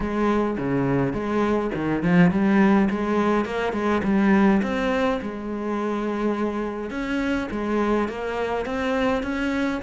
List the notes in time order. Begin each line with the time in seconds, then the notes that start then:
0.00 G#3
0.57 C#3
1.12 G#3
1.74 D#3
2.02 F3
2.31 G3
2.90 G#3
3.45 A#3
3.72 G#3
4.03 G3
4.62 C4
5.21 G#3
6.90 C#4
7.51 G#3
8.08 A#3
8.65 C4
9.22 C#4